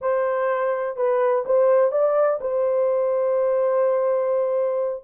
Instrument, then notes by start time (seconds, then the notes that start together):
horn
0.01 C5
0.96 B4
1.45 C5
1.91 D5
2.40 C5